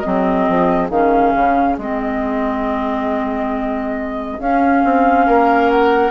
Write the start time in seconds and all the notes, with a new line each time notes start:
0.00 F#3 C4 D#5
0.07 G#4
0.49 F3
0.90 D#3 C#4 F5
1.35 C#3
1.78 G#3 C4 D#5
4.40 C#4 F5
4.84 C4
5.26 A#3 A#4
5.70 F#5